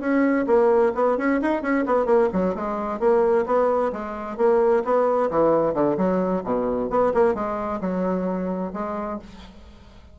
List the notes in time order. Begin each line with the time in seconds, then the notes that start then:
0.00 C#4
0.47 A#3
0.95 B3
1.18 C#4
1.42 D#4
1.62 C#4
1.86 B3
2.06 A#3
2.33 F#3
2.55 G#3
3.00 A#3
3.46 B3
3.92 G#3
4.37 A#3
4.84 B3
5.30 E3
5.74 D3
5.97 F#3
6.44 B2
6.90 B3
7.14 A#3
7.34 G#3
7.81 F#3
8.73 G#3